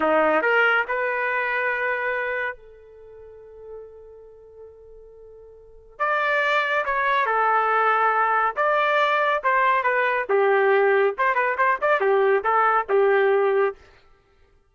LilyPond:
\new Staff \with { instrumentName = "trumpet" } { \time 4/4 \tempo 4 = 140 dis'4 ais'4 b'2~ | b'2 a'2~ | a'1~ | a'2 d''2 |
cis''4 a'2. | d''2 c''4 b'4 | g'2 c''8 b'8 c''8 d''8 | g'4 a'4 g'2 | }